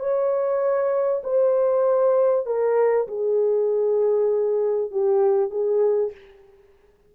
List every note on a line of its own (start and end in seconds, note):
0.00 1.22 C#5
1.24 2.47 C5
2.47 3.08 A#4
3.08 4.91 G#4
4.91 5.51 G4
5.51 6.12 G#4